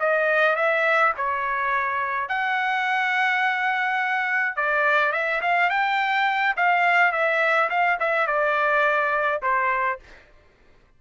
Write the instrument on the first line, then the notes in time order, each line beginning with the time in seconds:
trumpet
0.00 D#5
0.56 E5
1.17 C#5
2.29 F#5
4.57 D5
5.12 E5
5.42 F5
5.70 G5
6.57 F5
7.12 E5
7.70 F5
8.00 E5
8.27 D5
9.43 C5